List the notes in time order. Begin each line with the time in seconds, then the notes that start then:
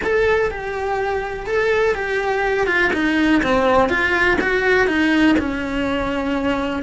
0.03 A4
0.51 G4
1.46 A4
1.94 G4
2.67 F4
2.93 D#4
3.42 C4
3.89 F4
4.40 F#4
4.87 D#4
5.38 C#4